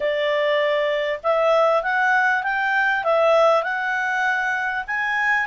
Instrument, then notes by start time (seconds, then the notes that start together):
clarinet
0.00 D5
1.23 E5
1.82 F#5
2.43 G5
3.03 E5
3.63 F#5
4.87 G#5